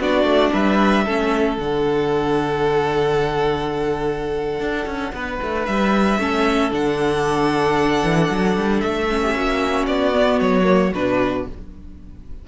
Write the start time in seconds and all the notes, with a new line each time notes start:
0.00 B3 D4 F#4 D5
0.24 A3
0.53 G3 B4 E5
1.05 A3 C#4 A4
1.58 D3 D4 F#5
4.60 D4
4.86 C#4
5.13 B3 B4
5.42 A3
5.66 G3 E5
6.19 A3 C#4 A4
6.72 D3 D4 F#5
8.03 E3
8.31 F#3
8.57 G3
8.80 A3 E5
9.10 C#4
9.21 G4
9.35 A#3 F#4
9.87 B3 D5
10.14 B3
10.40 F#3 C#5
10.64 A#3
10.95 B2 D4 B4